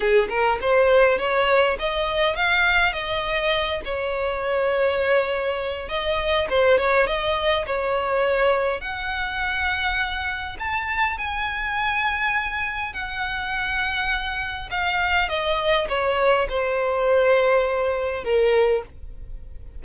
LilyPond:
\new Staff \with { instrumentName = "violin" } { \time 4/4 \tempo 4 = 102 gis'8 ais'8 c''4 cis''4 dis''4 | f''4 dis''4. cis''4.~ | cis''2 dis''4 c''8 cis''8 | dis''4 cis''2 fis''4~ |
fis''2 a''4 gis''4~ | gis''2 fis''2~ | fis''4 f''4 dis''4 cis''4 | c''2. ais'4 | }